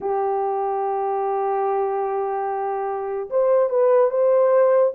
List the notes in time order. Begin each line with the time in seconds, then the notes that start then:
0.00 G4
3.30 C5
3.69 B4
4.10 C5